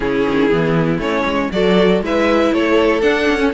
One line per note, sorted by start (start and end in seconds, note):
0.00 0.25 C#3
0.00 0.50 C#4
0.00 1.51 E4
0.00 0.99 G#4
0.28 0.52 D#3
0.50 0.98 E3
0.50 0.99 B3
0.98 1.23 A3
0.98 1.50 C#4
0.98 1.51 C#5
1.24 1.49 G#3
1.51 2.01 F#3
1.51 2.03 F#4
1.51 2.04 A4
1.51 2.02 D5
2.01 2.51 G#3
2.01 3.01 E4
2.01 2.54 B4
2.01 2.53 E5
2.52 3.02 A3
2.52 3.53 A4
2.52 3.01 C#5
3.01 3.38 D4
3.01 3.27 D4
3.01 3.51 F#5
3.28 3.53 C#4
3.38 3.51 C#4